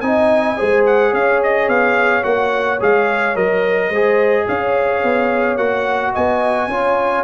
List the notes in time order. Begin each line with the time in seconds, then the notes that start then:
0.00 C4 D#4 D#5 G#5
0.57 G#3 G#4 C5
0.86 F#5
1.10 C#4 C#5 F5
1.43 D#5
1.68 B3 F5
2.23 A#3 F#4 F#5
2.80 G#3 G#4 F5
3.35 F#3 A#4 D#5
3.89 G#3 G#4 C5
4.47 C#4 C#5 F5
5.03 B3
5.57 A#3 F#4 F#5
6.13 B3 D#5 G#5
6.67 C#4 F4 C#5